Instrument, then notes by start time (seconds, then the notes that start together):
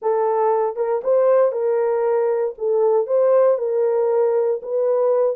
horn
0.02 A4
0.76 A#4
1.03 C5
1.52 A#4
2.58 A4
3.06 C5
3.58 A#4
4.62 B4